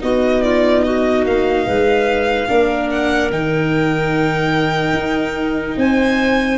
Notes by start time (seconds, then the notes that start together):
0.00 B3 D#4 F#4 D#5
0.43 F4 D5
0.84 F#4 D#5
1.26 A#3 F5
1.66 G#3 B4
2.48 A#3 D4 A#4
2.90 F#5
3.30 D#3 D#4 G5
4.93 D#4
5.77 C4 C5 G#5